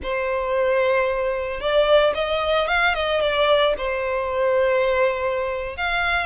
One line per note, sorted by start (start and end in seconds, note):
0.02 1.60 C5
1.60 2.13 D5
2.14 2.67 D#5
2.67 2.94 F5
2.94 3.20 D#5
3.20 3.74 D5
3.77 5.76 C5
5.76 6.26 F5